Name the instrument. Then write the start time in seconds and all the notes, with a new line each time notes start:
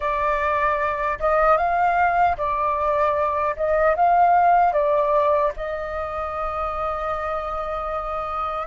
flute
0.00 D5
1.19 D#5
1.57 F5
2.37 D5
3.56 D#5
3.96 F5
4.73 D5
5.56 D#5